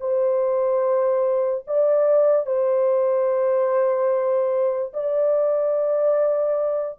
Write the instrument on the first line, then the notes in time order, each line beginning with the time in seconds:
horn
0.00 C5
1.67 D5
2.46 C5
4.94 D5